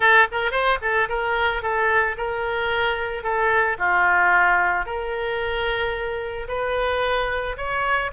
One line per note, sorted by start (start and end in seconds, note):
0.00 0.27 A4
0.31 0.51 A#4
0.51 0.78 C5
0.81 1.08 A4
1.08 1.62 A#4
1.62 2.16 A4
2.17 3.23 A#4
3.23 3.77 A4
3.78 4.85 F4
4.85 6.47 A#4
6.48 7.56 B4
7.57 8.11 C#5